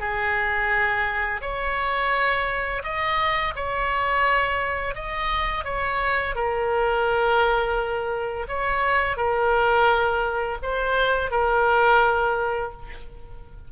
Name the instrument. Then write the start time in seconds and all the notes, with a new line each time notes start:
oboe
0.00 G#4
1.41 C#5
2.84 D#5
3.56 C#5
4.95 D#5
5.65 C#5
6.36 A#4
8.48 C#5
9.17 A#4
10.63 C5
11.31 A#4